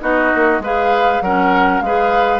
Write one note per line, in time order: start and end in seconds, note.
0.00 0.31 B3
0.00 0.60 D#4
0.00 0.62 F#4
0.00 0.61 D#5
0.34 0.59 A#3
0.59 1.19 G#3
0.59 1.24 G#4
0.59 1.23 B4
0.59 1.21 F5
1.21 1.81 F#3
1.21 1.84 C#4
1.21 1.83 A#4
1.21 1.80 F#5
1.80 2.40 G#3
1.80 2.40 G#4
1.80 2.40 B4
1.80 2.40 F5